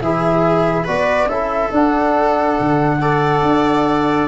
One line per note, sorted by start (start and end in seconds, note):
0.00 0.86 E3
0.00 0.87 E4
0.00 0.84 G#4
0.00 0.86 E5
0.84 1.25 B3
0.84 1.29 F#4
0.84 1.27 B4
0.84 1.28 D5
1.25 1.68 C#4
1.25 1.72 E4
1.25 2.99 A4
1.25 1.71 E5
1.71 2.57 D4
1.71 3.01 D4
1.71 4.28 F#5
2.60 3.42 D3
3.01 4.28 A4
3.01 4.28 D5
3.42 4.28 D4